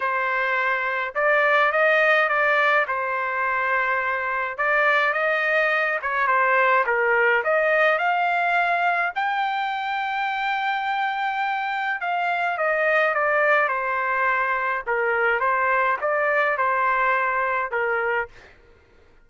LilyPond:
\new Staff \with { instrumentName = "trumpet" } { \time 4/4 \tempo 4 = 105 c''2 d''4 dis''4 | d''4 c''2. | d''4 dis''4. cis''8 c''4 | ais'4 dis''4 f''2 |
g''1~ | g''4 f''4 dis''4 d''4 | c''2 ais'4 c''4 | d''4 c''2 ais'4 | }